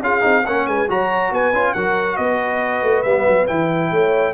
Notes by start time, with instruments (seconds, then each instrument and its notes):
0.00 tuba C#4, trombone F4, horn G#4, trumpet F5
0.21 tuba C4, trombone D#4
0.45 tuba A#3, trombone C#4, horn A#4, trumpet F#5
0.67 tuba G#3, horn B4, trumpet G#5
0.88 tuba F#3, trombone F#4, horn C#5, trumpet A#5
1.31 tuba B3, horn B4, trumpet G#5
1.53 tuba C#4, trombone F4
1.73 tuba F#3, trombone F#4, horn A#4, trumpet F#5
2.16 tuba B3, horn B4, trumpet D#5
2.83 tuba A3
3.02 tuba G3, trombone B3, trumpet E5
3.27 tuba F#3
3.47 tuba E3, trombone E4, trumpet G5
3.91 tuba A3, horn C#5